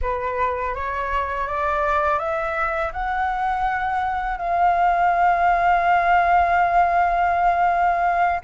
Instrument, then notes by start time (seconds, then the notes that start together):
flute
0.01 B4
0.75 C#5
1.47 D5
2.18 E5
2.92 F#5
4.38 F5